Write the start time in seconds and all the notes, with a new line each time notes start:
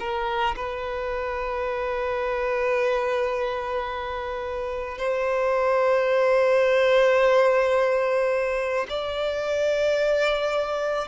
0.00 A#4
0.57 B4
4.98 C5
8.89 D5